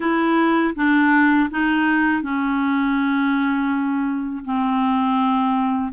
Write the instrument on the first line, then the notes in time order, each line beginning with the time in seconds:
clarinet
0.00 E4
0.75 D4
1.50 D#4
2.22 C#4
4.44 C4